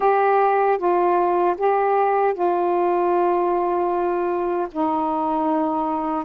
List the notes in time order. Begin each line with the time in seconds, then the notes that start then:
0.00 G4
0.78 F4
1.57 G4
2.33 F4
4.71 D#4